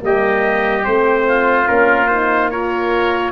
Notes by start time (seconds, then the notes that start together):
0.00 G3 A#3 G4 D#5
0.85 A3 C4 C5
1.27 F4
1.66 A#3 C#4 A#4
2.07 D#4 C5
2.51 F4 A#4 C#5